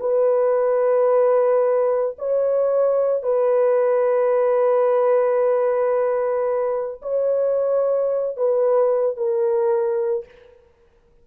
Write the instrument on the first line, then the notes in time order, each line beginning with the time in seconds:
horn
0.00 B4
2.18 C#5
3.23 B4
7.02 C#5
8.37 B4
9.17 A#4